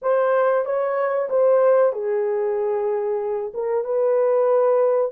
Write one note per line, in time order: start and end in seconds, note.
0.02 0.65 C5
0.65 1.29 C#5
1.29 1.92 C5
1.92 3.52 G#4
3.54 3.84 A#4
3.84 5.11 B4